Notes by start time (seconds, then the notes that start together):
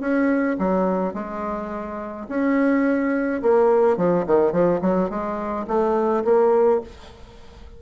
0.00 C#4
0.59 F#3
1.14 G#3
2.28 C#4
3.42 A#3
3.97 F3
4.27 D#3
4.52 F3
4.81 F#3
5.10 G#3
5.68 A3
6.25 A#3